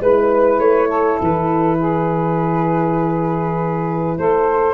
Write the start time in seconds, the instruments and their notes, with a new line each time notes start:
0.00 tuba G#3, horn E4, saxophone B4, flute B4
0.58 tuba A3, flute C#5
0.88 saxophone A4
1.21 tuba E3, flute B4
1.79 saxophone G#4
4.17 tuba A3, saxophone A4, flute C5